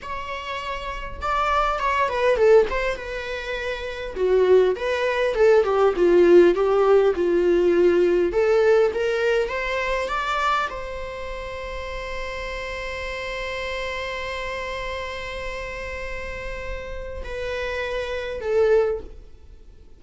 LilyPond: \new Staff \with { instrumentName = "viola" } { \time 4/4 \tempo 4 = 101 cis''2 d''4 cis''8 b'8 | a'8 c''8 b'2 fis'4 | b'4 a'8 g'8 f'4 g'4 | f'2 a'4 ais'4 |
c''4 d''4 c''2~ | c''1~ | c''1~ | c''4 b'2 a'4 | }